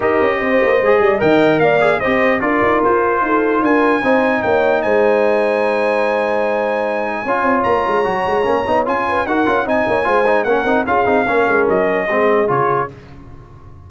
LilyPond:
<<
  \new Staff \with { instrumentName = "trumpet" } { \time 4/4 \tempo 4 = 149 dis''2. g''4 | f''4 dis''4 d''4 c''4~ | c''4 gis''2 g''4 | gis''1~ |
gis''2. ais''4~ | ais''2 gis''4 fis''4 | gis''2 fis''4 f''4~ | f''4 dis''2 cis''4 | }
  \new Staff \with { instrumentName = "horn" } { \time 4/4 ais'4 c''4. d''8 dis''4 | d''4 c''4 ais'2 | a'4 ais'4 c''4 cis''4 | c''1~ |
c''2 cis''2~ | cis''2~ cis''8 b'8 ais'4 | dis''8 cis''8 c''4 ais'4 gis'4 | ais'2 gis'2 | }
  \new Staff \with { instrumentName = "trombone" } { \time 4/4 g'2 gis'4 ais'4~ | ais'8 gis'8 g'4 f'2~ | f'2 dis'2~ | dis'1~ |
dis'2 f'2 | fis'4 cis'8 dis'8 f'4 fis'8 f'8 | dis'4 f'8 dis'8 cis'8 dis'8 f'8 dis'8 | cis'2 c'4 f'4 | }
  \new Staff \with { instrumentName = "tuba" } { \time 4/4 dis'8 cis'8 c'8 ais8 gis8 g8 dis4 | ais4 c'4 d'8 dis'8 f'4 | dis'4 d'4 c'4 ais4 | gis1~ |
gis2 cis'8 c'8 ais8 gis8 | fis8 gis8 ais8 b8 cis'4 dis'8 cis'8 | c'8 ais8 gis4 ais8 c'8 cis'8 c'8 | ais8 gis8 fis4 gis4 cis4 | }
>>